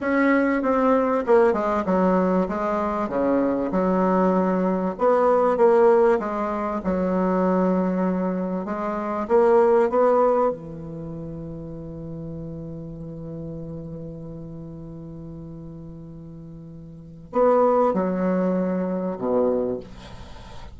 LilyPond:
\new Staff \with { instrumentName = "bassoon" } { \time 4/4 \tempo 4 = 97 cis'4 c'4 ais8 gis8 fis4 | gis4 cis4 fis2 | b4 ais4 gis4 fis4~ | fis2 gis4 ais4 |
b4 e2.~ | e1~ | e1 | b4 fis2 b,4 | }